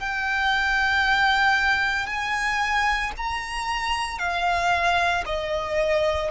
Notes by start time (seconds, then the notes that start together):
0.00 G5
2.07 G#5
3.18 A#5
4.19 F5
5.26 D#5